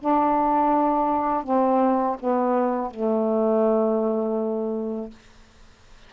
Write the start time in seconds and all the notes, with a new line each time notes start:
0.00 D4
1.44 C4
2.20 B3
2.91 A3